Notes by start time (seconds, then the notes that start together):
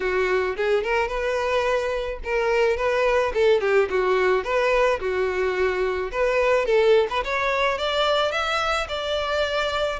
0.00 F#4
0.56 G#4
0.83 A#4
1.08 B4
2.24 A#4
2.76 B4
3.34 A4
3.61 G4
3.90 F#4
4.44 B4
5.00 F#4
6.11 B4
6.65 A4
7.10 B4
7.24 C#5
7.78 D5
8.31 E5
8.88 D5